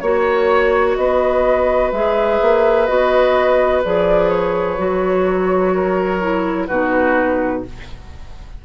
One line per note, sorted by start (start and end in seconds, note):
0.00 0.97 A#3
0.00 1.94 F#4
0.00 0.95 C#5
0.00 0.97 C#5
0.96 1.92 B3
0.96 5.75 B4
0.96 1.91 D#5
1.91 2.40 G#3
1.91 2.88 G#4
1.91 2.87 E5
2.42 2.89 A#3
2.87 3.85 B3
2.87 3.83 F#4
2.87 3.82 D#5
3.84 4.79 F3
3.84 4.78 G#4
3.84 4.30 D5
4.30 6.67 C#5
4.78 6.69 F#3
4.78 6.21 F#4
5.75 6.68 A#4
6.21 6.68 E4
6.67 7.65 B2
6.67 7.65 D#4
6.67 7.63 F#4
6.67 7.62 B4